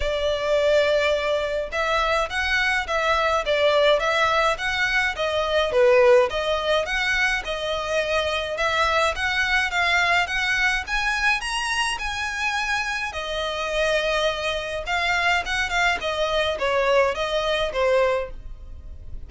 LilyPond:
\new Staff \with { instrumentName = "violin" } { \time 4/4 \tempo 4 = 105 d''2. e''4 | fis''4 e''4 d''4 e''4 | fis''4 dis''4 b'4 dis''4 | fis''4 dis''2 e''4 |
fis''4 f''4 fis''4 gis''4 | ais''4 gis''2 dis''4~ | dis''2 f''4 fis''8 f''8 | dis''4 cis''4 dis''4 c''4 | }